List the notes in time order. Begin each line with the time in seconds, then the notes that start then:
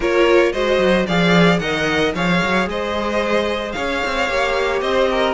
0.00 A#3 F4 A#4 C#5
0.52 G#3 F#4 C5 D#5
0.78 F#3
1.06 F3 G#4 D5 F5
1.59 D#3 A#4 D#5 F#5
2.14 F3 G#4 C#5 F5
2.43 F#3
2.66 G#3 C5 D#5
3.72 C#4 C#5 F5
4.05 C4
4.29 A#3 G4
4.81 C4 C5 D#5
5.10 A#4